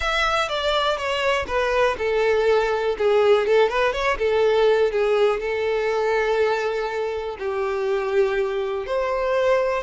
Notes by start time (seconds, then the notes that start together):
0.00 E5
0.49 D5
0.97 C#5
1.47 B4
1.98 A4
2.98 G#4
3.46 A4
3.69 B4
3.92 C#5
4.18 A4
4.91 G#4
5.40 A4
7.38 G4
8.86 C5